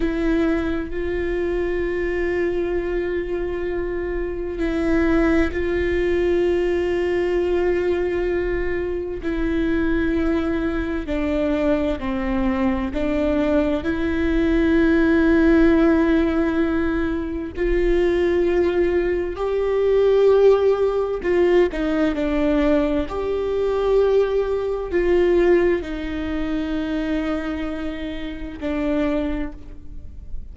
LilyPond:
\new Staff \with { instrumentName = "viola" } { \time 4/4 \tempo 4 = 65 e'4 f'2.~ | f'4 e'4 f'2~ | f'2 e'2 | d'4 c'4 d'4 e'4~ |
e'2. f'4~ | f'4 g'2 f'8 dis'8 | d'4 g'2 f'4 | dis'2. d'4 | }